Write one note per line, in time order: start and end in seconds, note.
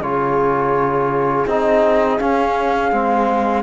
0.00 1.45 C#3
0.00 1.47 F4
0.00 3.61 G#4
0.00 1.46 C#5
1.47 2.19 C4
1.47 2.19 D#4
1.47 2.18 D#5
2.18 2.91 C#4
2.18 2.92 C#4
2.18 3.63 F5
2.91 3.63 G#3
2.91 3.63 C4